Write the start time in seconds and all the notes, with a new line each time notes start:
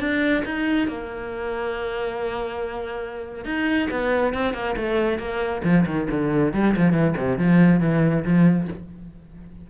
0.00 D4
0.45 D#4
0.88 A#3
3.45 D#4
3.91 B3
4.33 C4
4.54 A#3
4.77 A3
5.19 A#3
5.64 F3
5.86 D#3
6.11 D3
6.54 G3
6.77 F3
6.93 E3
7.18 C3
7.38 F3
7.80 E3
8.24 F3